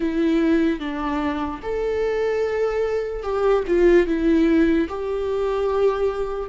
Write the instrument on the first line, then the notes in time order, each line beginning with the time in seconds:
viola
0.00 E4
0.79 D4
1.62 A4
3.22 G4
3.67 F4
4.07 E4
4.88 G4